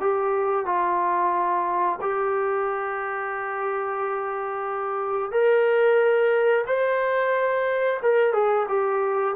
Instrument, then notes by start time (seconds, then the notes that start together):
trombone
0.00 G4
0.65 F4
2.01 G4
5.31 A#4
6.66 C5
8.02 A#4
8.33 G#4
8.68 G4